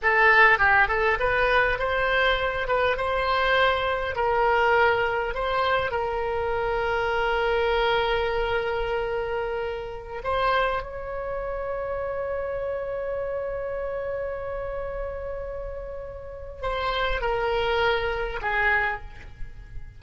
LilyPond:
\new Staff \with { instrumentName = "oboe" } { \time 4/4 \tempo 4 = 101 a'4 g'8 a'8 b'4 c''4~ | c''8 b'8 c''2 ais'4~ | ais'4 c''4 ais'2~ | ais'1~ |
ais'4~ ais'16 c''4 cis''4.~ cis''16~ | cis''1~ | cis''1 | c''4 ais'2 gis'4 | }